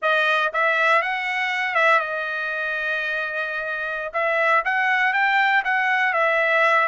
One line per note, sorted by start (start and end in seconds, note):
0.01 0.51 D#5
0.53 1.02 E5
1.02 1.74 F#5
1.74 1.99 E5
1.99 4.12 D#5
4.13 4.63 E5
4.65 5.13 F#5
5.13 5.63 G5
5.64 6.13 F#5
6.13 6.88 E5